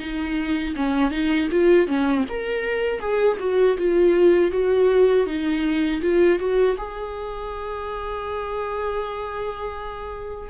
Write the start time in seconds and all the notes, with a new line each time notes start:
0.00 D#4
0.76 C#4
1.11 D#4
1.51 F4
1.88 C#4
2.29 A#4
3.00 G#4
3.40 F#4
3.78 F4
4.52 F#4
5.27 D#4
6.02 F4
6.39 F#4
6.78 G#4